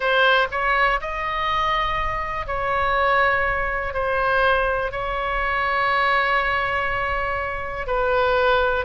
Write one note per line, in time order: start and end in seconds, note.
0.00 0.47 C5
0.51 1.00 C#5
1.00 2.46 D#5
2.46 3.93 C#5
3.93 4.91 C5
4.91 7.86 C#5
7.86 8.85 B4